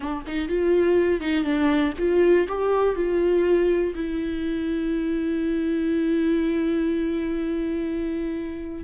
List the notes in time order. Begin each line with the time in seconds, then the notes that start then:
0.00 D4
0.26 D#4
0.48 F4
1.20 D#4
1.44 D4
1.98 F4
2.48 G4
2.95 F4
3.95 E4